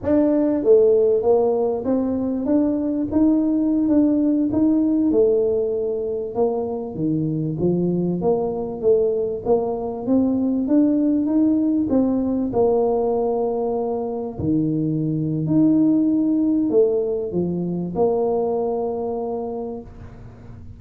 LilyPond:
\new Staff \with { instrumentName = "tuba" } { \time 4/4 \tempo 4 = 97 d'4 a4 ais4 c'4 | d'4 dis'4~ dis'16 d'4 dis'8.~ | dis'16 a2 ais4 dis8.~ | dis16 f4 ais4 a4 ais8.~ |
ais16 c'4 d'4 dis'4 c'8.~ | c'16 ais2. dis8.~ | dis4 dis'2 a4 | f4 ais2. | }